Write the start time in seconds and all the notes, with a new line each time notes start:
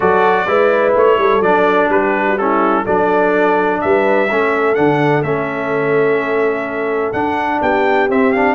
0.00 F#3 F#4 A4 D5
0.47 G#3 E4 B4
0.95 A3 C#5
1.18 G3 A4
1.41 F#3 D4 D5
1.89 G3 G4 B4
2.26 F#4
2.37 C#4 E4 A4
2.84 F#3 D4 A4 D5
3.81 G3 B4 E5
4.30 A3 C#4 A4
4.74 D3 D4 F#5
5.22 A3 C#4 E5
7.12 D4 F#5
7.61 B3 G4 G5
8.09 C4 E5
8.32 D4 F5